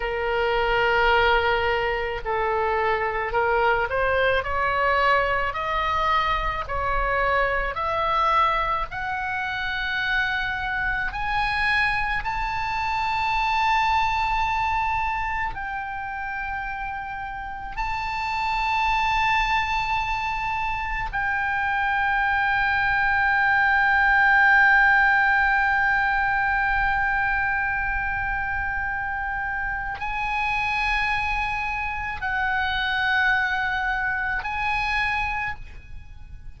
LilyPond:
\new Staff \with { instrumentName = "oboe" } { \time 4/4 \tempo 4 = 54 ais'2 a'4 ais'8 c''8 | cis''4 dis''4 cis''4 e''4 | fis''2 gis''4 a''4~ | a''2 g''2 |
a''2. g''4~ | g''1~ | g''2. gis''4~ | gis''4 fis''2 gis''4 | }